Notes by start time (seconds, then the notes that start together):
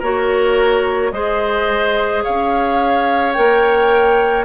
0.00 A#3 F#4 A#4 C#5
1.12 G#3 G#4 C5 D#5
2.24 C#4 C#5 F5
3.33 A#3 A#4 G5